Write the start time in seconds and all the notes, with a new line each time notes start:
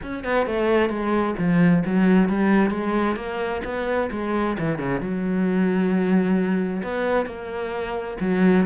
0.02 C#4
0.24 B3
0.46 A3
0.89 G#3
1.38 F3
1.85 F#3
2.29 G3
2.70 G#3
3.16 A#3
3.64 B3
4.11 G#3
4.58 E3
4.78 C#3
5.00 F#3
6.83 B3
7.26 A#3
8.20 F#3